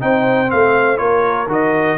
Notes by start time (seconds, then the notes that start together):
0.00 C4 D#4 C5 G5
0.47 A3 C4 F5
0.97 A#3 F4 A#4 C#5
1.48 D#3 F#4 D#5